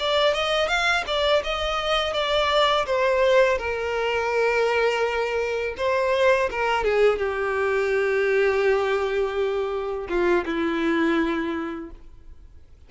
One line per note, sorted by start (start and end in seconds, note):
0.00 0.34 D5
0.34 0.68 D#5
0.68 1.04 F5
1.07 1.43 D5
1.44 2.14 D#5
2.14 2.86 D5
2.86 3.58 C5
3.58 5.75 A#4
5.77 6.50 C5
6.51 6.84 A#4
6.84 7.19 G#4
7.19 10.08 G4
10.09 10.45 F4
10.46 11.90 E4